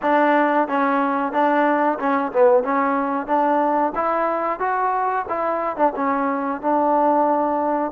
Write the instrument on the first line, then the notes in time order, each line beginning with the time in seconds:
trombone
0.01 D4
0.67 C#4
1.32 D4
1.99 C#4
2.32 B3
2.63 C#4
3.26 D4
3.95 E4
4.59 F#4
5.29 E4
5.76 D4
5.95 C#4
6.61 D4